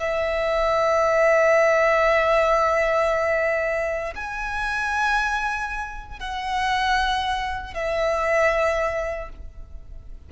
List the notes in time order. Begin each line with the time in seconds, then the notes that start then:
0.00 E5
4.15 G#5
6.20 F#5
7.74 E5